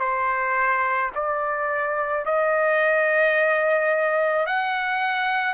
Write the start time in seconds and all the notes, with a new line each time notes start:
0.00 C5
1.15 D5
2.25 D#5
4.46 F#5